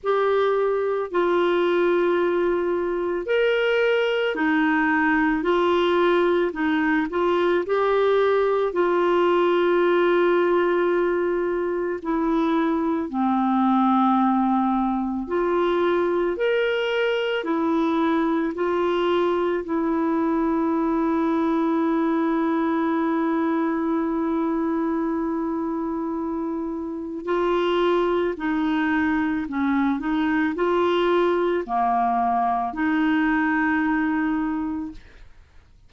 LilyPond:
\new Staff \with { instrumentName = "clarinet" } { \time 4/4 \tempo 4 = 55 g'4 f'2 ais'4 | dis'4 f'4 dis'8 f'8 g'4 | f'2. e'4 | c'2 f'4 ais'4 |
e'4 f'4 e'2~ | e'1~ | e'4 f'4 dis'4 cis'8 dis'8 | f'4 ais4 dis'2 | }